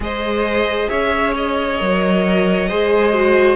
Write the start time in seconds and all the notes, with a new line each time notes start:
0.00 G#3 G#4 C5 D#5
0.89 C#4 C#5 E5
1.36 D#5
1.79 F#3 A#4
2.68 G#3 G#4 C5
3.13 F#4